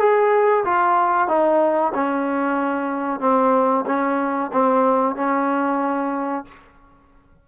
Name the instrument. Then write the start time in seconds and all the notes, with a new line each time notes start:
trombone
0.00 G#4
0.65 F4
1.28 D#4
1.94 C#4
3.21 C4
3.87 C#4
4.53 C4
5.16 C#4